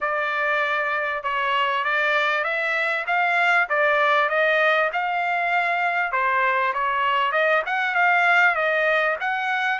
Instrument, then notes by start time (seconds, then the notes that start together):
trumpet
0.00 D5
1.23 C#5
1.84 D5
2.44 E5
3.06 F5
3.69 D5
4.29 D#5
4.92 F5
6.12 C5
6.73 C#5
7.32 D#5
7.66 F#5
7.95 F5
8.55 D#5
9.20 F#5